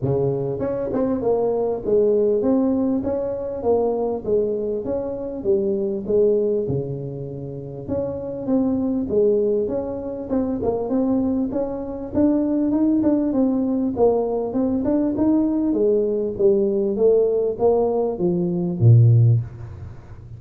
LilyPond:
\new Staff \with { instrumentName = "tuba" } { \time 4/4 \tempo 4 = 99 cis4 cis'8 c'8 ais4 gis4 | c'4 cis'4 ais4 gis4 | cis'4 g4 gis4 cis4~ | cis4 cis'4 c'4 gis4 |
cis'4 c'8 ais8 c'4 cis'4 | d'4 dis'8 d'8 c'4 ais4 | c'8 d'8 dis'4 gis4 g4 | a4 ais4 f4 ais,4 | }